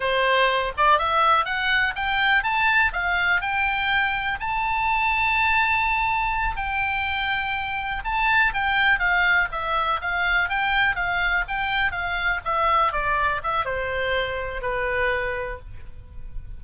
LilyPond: \new Staff \with { instrumentName = "oboe" } { \time 4/4 \tempo 4 = 123 c''4. d''8 e''4 fis''4 | g''4 a''4 f''4 g''4~ | g''4 a''2.~ | a''4. g''2~ g''8~ |
g''8 a''4 g''4 f''4 e''8~ | e''8 f''4 g''4 f''4 g''8~ | g''8 f''4 e''4 d''4 e''8 | c''2 b'2 | }